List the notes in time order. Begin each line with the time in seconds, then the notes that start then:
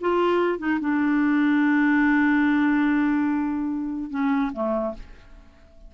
0.00 F4
0.58 D#4
0.80 D4
4.10 C#4
4.53 A3